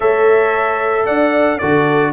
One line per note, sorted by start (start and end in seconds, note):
0.00 1.07 A3
0.00 1.60 A4
0.00 1.04 C#5
0.00 1.06 E5
1.05 1.61 D4
1.05 1.59 D5
1.05 1.58 F#5
1.58 2.12 D3
1.58 2.12 F#4
1.58 2.12 A4
1.58 2.12 D5